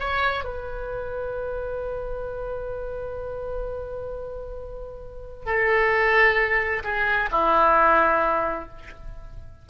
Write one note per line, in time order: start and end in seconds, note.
0.00 0.44 C#5
0.44 5.46 B4
5.46 6.83 A4
6.84 7.29 G#4
7.32 8.69 E4